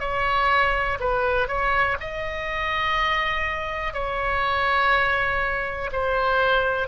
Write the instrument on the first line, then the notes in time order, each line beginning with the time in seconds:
oboe
0.00 C#5
1.00 B4
1.48 C#5
2.00 D#5
3.93 C#5
5.92 C5